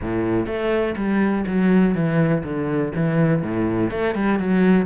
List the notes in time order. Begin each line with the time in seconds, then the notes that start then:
0.01 A2
0.46 A3
0.96 G3
1.46 F#3
1.94 E3
2.43 D3
2.95 E3
3.42 A2
3.90 A3
4.14 G3
4.39 F#3